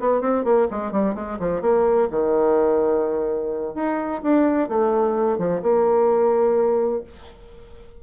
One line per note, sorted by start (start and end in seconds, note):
0.00 0.21 B3
0.21 0.45 C4
0.45 0.68 A#3
0.71 0.92 G#3
0.92 1.15 G3
1.15 1.38 G#3
1.40 1.62 F3
1.62 2.09 A#3
2.11 3.75 D#3
3.75 4.22 D#4
4.23 4.69 D4
4.69 5.39 A3
5.39 5.62 F3
5.63 7.03 A#3